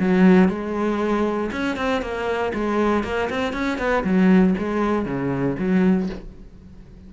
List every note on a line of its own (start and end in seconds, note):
0.00 0.49 F#3
0.49 1.51 G#3
1.52 1.77 C#4
1.77 2.02 C4
2.02 2.53 A#3
2.54 3.04 G#3
3.04 3.30 A#3
3.31 3.53 C4
3.53 3.79 C#4
3.79 4.04 B3
4.04 4.55 F#3
4.59 5.06 G#3
5.06 5.57 C#3
5.59 6.10 F#3